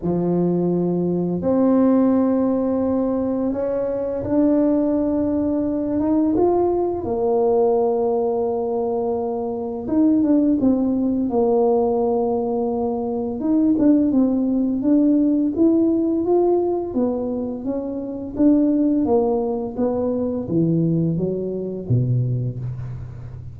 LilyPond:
\new Staff \with { instrumentName = "tuba" } { \time 4/4 \tempo 4 = 85 f2 c'2~ | c'4 cis'4 d'2~ | d'8 dis'8 f'4 ais2~ | ais2 dis'8 d'8 c'4 |
ais2. dis'8 d'8 | c'4 d'4 e'4 f'4 | b4 cis'4 d'4 ais4 | b4 e4 fis4 b,4 | }